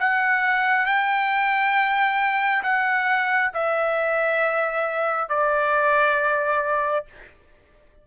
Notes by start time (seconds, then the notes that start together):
0.00 F#5
0.86 G5
2.64 F#5
3.54 E5
5.29 D5